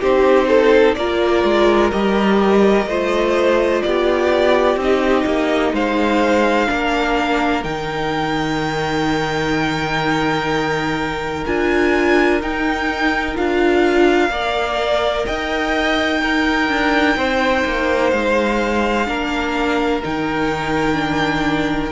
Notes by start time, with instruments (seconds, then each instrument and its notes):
0.00 cello C4, viola D#4, violin G4 C5
0.48 violin A4
0.95 cello A#3, viola F4, violin A#4 D5
1.43 cello G#3
1.91 cello G3, viola G4, violin D#5
2.86 cello A3, viola F4, violin C5
3.82 cello B3, violin G4 D5
4.76 cello C4, viola D#4, violin D#5
5.25 cello A#3
5.72 cello G#3, violin C5 F5
6.67 cello A#3, viola D4, violin A#4
7.62 cello D#3, viola D#4, violin G5
11.46 cello D4, viola F4, violin G#5
12.41 cello D#4, viola D#4, violin G5
13.35 cello D4, viola F4, violin F5
14.29 cello A#3, viola A#4, violin D5
15.25 cello D#4, violin D#5 G5
16.22 viola D#4, violin A#4
16.68 cello D4
17.16 cello C4, violin C5
17.65 cello A#3
18.10 cello G#3, violin F5
19.06 cello A#3, viola D4, violin A#4
20.03 cello D#3, viola D#4, violin G5
20.93 viola D4